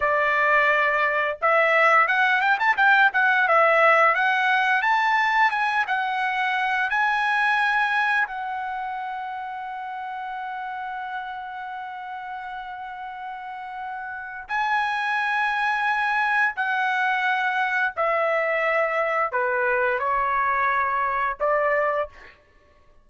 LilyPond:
\new Staff \with { instrumentName = "trumpet" } { \time 4/4 \tempo 4 = 87 d''2 e''4 fis''8 g''16 a''16 | g''8 fis''8 e''4 fis''4 a''4 | gis''8 fis''4. gis''2 | fis''1~ |
fis''1~ | fis''4 gis''2. | fis''2 e''2 | b'4 cis''2 d''4 | }